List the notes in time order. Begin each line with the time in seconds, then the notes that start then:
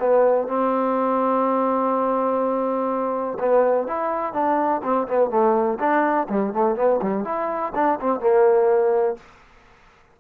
0.00 B3
0.48 C4
3.39 B3
3.88 E4
4.34 D4
4.83 C4
5.08 B3
5.30 A3
5.79 D4
6.29 G3
6.53 A3
6.76 B3
7.02 G3
7.24 E4
7.75 D4
8.00 C4
8.20 A#3